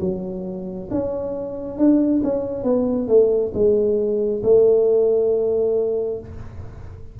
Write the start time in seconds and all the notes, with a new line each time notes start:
0.00 F#3
0.91 C#4
1.78 D4
2.23 C#4
2.64 B3
3.08 A3
3.54 G#3
4.43 A3